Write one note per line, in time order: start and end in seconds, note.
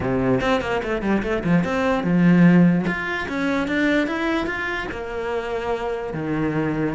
0.00 0.40 C3
0.40 0.61 C4
0.61 0.81 A#3
0.83 1.02 A3
1.02 1.22 G3
1.22 1.43 A3
1.44 1.64 F3
1.64 2.03 C4
2.03 2.85 F3
2.87 3.27 F4
3.28 3.67 C#4
3.67 4.07 D4
4.07 4.46 E4
4.46 4.87 F4
4.91 6.13 A#3
6.13 6.95 D#3